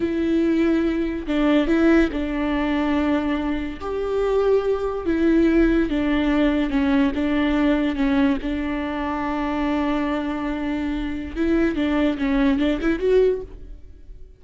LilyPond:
\new Staff \with { instrumentName = "viola" } { \time 4/4 \tempo 4 = 143 e'2. d'4 | e'4 d'2.~ | d'4 g'2. | e'2 d'2 |
cis'4 d'2 cis'4 | d'1~ | d'2. e'4 | d'4 cis'4 d'8 e'8 fis'4 | }